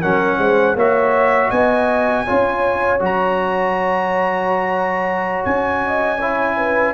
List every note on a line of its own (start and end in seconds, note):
0.00 0.38 F#3
0.00 0.76 C#4
0.00 0.38 A#4
0.00 0.76 F#5
0.38 0.75 G#3
0.38 0.75 C5
0.75 1.50 A#3
0.75 2.27 F#4
0.75 1.49 C#5
0.75 1.50 E5
1.49 2.26 B3
1.49 2.24 D#5
1.49 3.00 G#5
2.24 3.00 C#4
2.24 2.99 F4
2.24 5.81 C#5
2.99 5.44 F#3
2.99 6.18 F#4
2.99 5.45 A#5
5.45 6.94 C#4
5.45 6.94 G#5
5.86 6.18 D#5
6.18 6.94 E4
6.18 6.55 C#5
6.57 6.94 B4